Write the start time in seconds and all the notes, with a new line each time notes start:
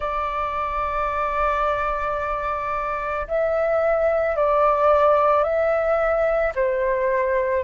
0.00 D5
3.27 E5
4.36 D5
5.43 E5
6.55 C5